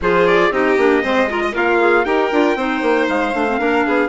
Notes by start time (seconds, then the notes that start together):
0.01 F3 F4 G#4 C5
0.26 D5
0.50 C4 D#4 G4 D#5
0.77 A#3 D4
1.02 G#3 C4 C5
1.28 F4 A#4
1.42 D#5
1.52 A#3 F4 A#4 F5
1.79 G#4
2.04 D#4 G4 A#4 G5
2.31 D4 F4
2.55 C4 D#4 C5
2.81 A#3
3.08 G#3 F5
3.33 A3 D4
3.48 C4
3.58 A#3 D4 A#4
3.85 B3 G#4